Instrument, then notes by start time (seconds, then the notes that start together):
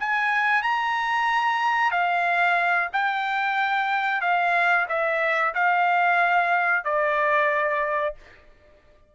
trumpet
0.00 G#5
0.62 A#5
1.92 F5
2.93 G5
4.21 F5
4.89 E5
5.54 F5
6.85 D5